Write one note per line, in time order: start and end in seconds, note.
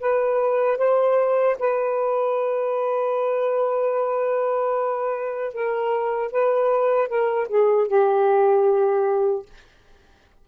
0.00 0.78 B4
0.78 1.56 C5
1.59 5.54 B4
5.54 6.31 A#4
6.31 7.08 B4
7.08 7.47 A#4
7.48 7.88 G#4
7.88 9.46 G4